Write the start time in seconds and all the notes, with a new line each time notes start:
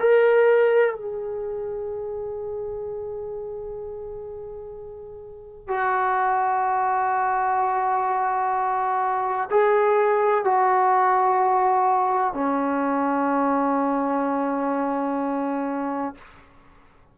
0.00 A#4
0.95 G#4
5.69 F#4
9.51 G#4
10.45 F#4
12.34 C#4